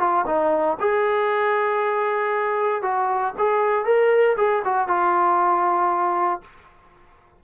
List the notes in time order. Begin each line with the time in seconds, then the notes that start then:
0.00 F4
0.27 D#4
0.80 G#4
2.83 F#4
3.39 G#4
3.86 A#4
4.37 G#4
4.65 F#4
4.88 F4